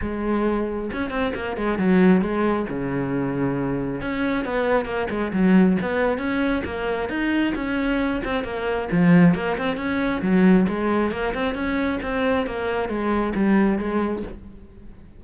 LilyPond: \new Staff \with { instrumentName = "cello" } { \time 4/4 \tempo 4 = 135 gis2 cis'8 c'8 ais8 gis8 | fis4 gis4 cis2~ | cis4 cis'4 b4 ais8 gis8 | fis4 b4 cis'4 ais4 |
dis'4 cis'4. c'8 ais4 | f4 ais8 c'8 cis'4 fis4 | gis4 ais8 c'8 cis'4 c'4 | ais4 gis4 g4 gis4 | }